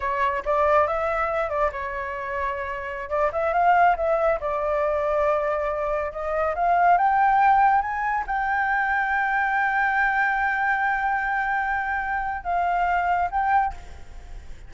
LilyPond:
\new Staff \with { instrumentName = "flute" } { \time 4/4 \tempo 4 = 140 cis''4 d''4 e''4. d''8 | cis''2.~ cis''16 d''8 e''16~ | e''16 f''4 e''4 d''4.~ d''16~ | d''2~ d''16 dis''4 f''8.~ |
f''16 g''2 gis''4 g''8.~ | g''1~ | g''1~ | g''4 f''2 g''4 | }